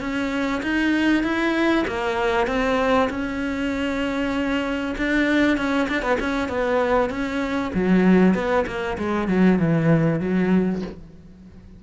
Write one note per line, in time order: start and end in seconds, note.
0.00 0.62 C#4
0.62 1.23 D#4
1.23 1.85 E4
1.87 2.47 A#3
2.47 3.09 C4
3.10 4.95 C#4
4.98 5.57 D4
5.57 5.88 C#4
5.89 6.02 D4
6.02 6.18 B3
6.20 6.48 C#4
6.48 7.10 B3
7.10 7.72 C#4
7.74 8.34 F#3
8.34 8.65 B3
8.67 8.97 A#3
8.98 9.28 G#3
9.28 9.59 F#3
9.59 10.20 E3
10.20 10.82 F#3